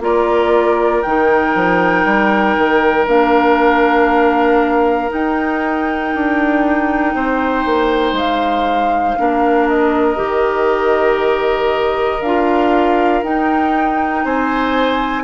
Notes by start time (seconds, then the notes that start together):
0.00 A#3 F4 A#4 D5
1.02 D#3 D#4 G5
1.55 F3
2.05 G3
2.58 D#3
3.07 A#3 D4 F5
5.09 D#4 G5
6.15 D4
7.14 C4 C5
7.65 A#3
8.12 G#3 F5
9.17 A#3 D4 A#4
9.68 D#5
10.16 D#3 G4
12.21 D4 F4 F5
13.23 D#4 G5
14.24 C4 C5 G#5